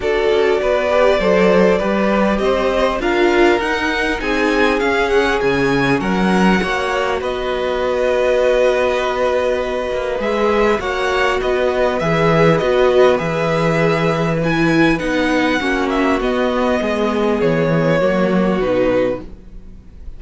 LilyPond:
<<
  \new Staff \with { instrumentName = "violin" } { \time 4/4 \tempo 4 = 100 d''1 | dis''4 f''4 fis''4 gis''4 | f''8 fis''8 gis''4 fis''2 | dis''1~ |
dis''4 e''4 fis''4 dis''4 | e''4 dis''4 e''2 | gis''4 fis''4. e''8 dis''4~ | dis''4 cis''2 b'4 | }
  \new Staff \with { instrumentName = "violin" } { \time 4/4 a'4 b'4 c''4 b'4 | c''4 ais'2 gis'4~ | gis'2 ais'4 cis''4 | b'1~ |
b'2 cis''4 b'4~ | b'1~ | b'2 fis'2 | gis'2 fis'2 | }
  \new Staff \with { instrumentName = "viola" } { \time 4/4 fis'4. g'8 a'4 g'4~ | g'4 f'4 dis'2 | cis'2. fis'4~ | fis'1~ |
fis'4 gis'4 fis'2 | gis'4 fis'4 gis'2 | e'4 dis'4 cis'4 b4~ | b2 ais4 dis'4 | }
  \new Staff \with { instrumentName = "cello" } { \time 4/4 d'8 cis'8 b4 fis4 g4 | c'4 d'4 dis'4 c'4 | cis'4 cis4 fis4 ais4 | b1~ |
b8 ais8 gis4 ais4 b4 | e4 b4 e2~ | e4 b4 ais4 b4 | gis4 e4 fis4 b,4 | }
>>